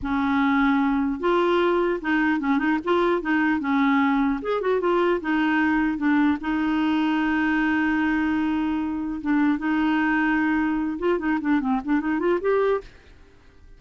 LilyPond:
\new Staff \with { instrumentName = "clarinet" } { \time 4/4 \tempo 4 = 150 cis'2. f'4~ | f'4 dis'4 cis'8 dis'8 f'4 | dis'4 cis'2 gis'8 fis'8 | f'4 dis'2 d'4 |
dis'1~ | dis'2. d'4 | dis'2.~ dis'8 f'8 | dis'8 d'8 c'8 d'8 dis'8 f'8 g'4 | }